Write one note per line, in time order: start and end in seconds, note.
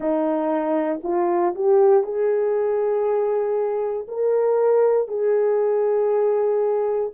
0.00 1.00 D#4
1.03 1.54 F4
1.54 2.03 G4
2.03 4.07 G#4
4.08 5.08 A#4
5.08 7.11 G#4